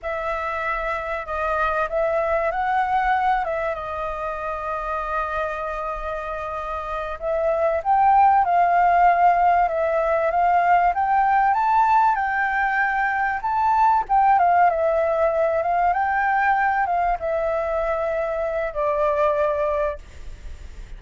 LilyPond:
\new Staff \with { instrumentName = "flute" } { \time 4/4 \tempo 4 = 96 e''2 dis''4 e''4 | fis''4. e''8 dis''2~ | dis''2.~ dis''8 e''8~ | e''8 g''4 f''2 e''8~ |
e''8 f''4 g''4 a''4 g''8~ | g''4. a''4 g''8 f''8 e''8~ | e''4 f''8 g''4. f''8 e''8~ | e''2 d''2 | }